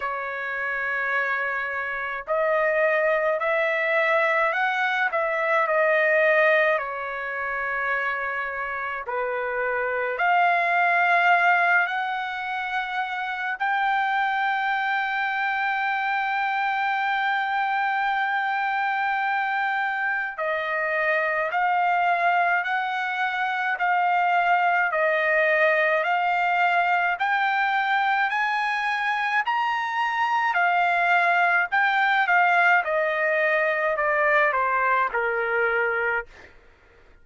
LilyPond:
\new Staff \with { instrumentName = "trumpet" } { \time 4/4 \tempo 4 = 53 cis''2 dis''4 e''4 | fis''8 e''8 dis''4 cis''2 | b'4 f''4. fis''4. | g''1~ |
g''2 dis''4 f''4 | fis''4 f''4 dis''4 f''4 | g''4 gis''4 ais''4 f''4 | g''8 f''8 dis''4 d''8 c''8 ais'4 | }